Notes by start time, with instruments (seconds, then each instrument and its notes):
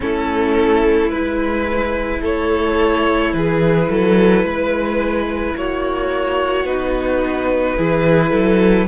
0.00 cello A3, viola C#4, violin E4 A4
1.09 cello G#3, viola E4, violin B4
2.20 cello A3, violin A4 C#5
3.33 cello E3, violin G#4 B4
3.90 cello F#3, violin A4
4.43 cello G#3, violin B4
5.56 cello A#3, violin F#4 C#5
6.64 cello B3, viola D#4, violin B4
7.77 cello E3, viola E4, violin G#4
8.31 cello F#3, violin A4